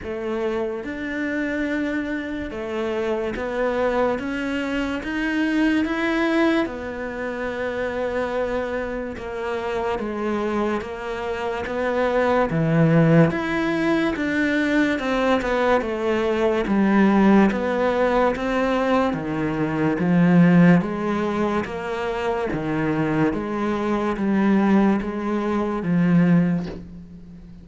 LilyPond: \new Staff \with { instrumentName = "cello" } { \time 4/4 \tempo 4 = 72 a4 d'2 a4 | b4 cis'4 dis'4 e'4 | b2. ais4 | gis4 ais4 b4 e4 |
e'4 d'4 c'8 b8 a4 | g4 b4 c'4 dis4 | f4 gis4 ais4 dis4 | gis4 g4 gis4 f4 | }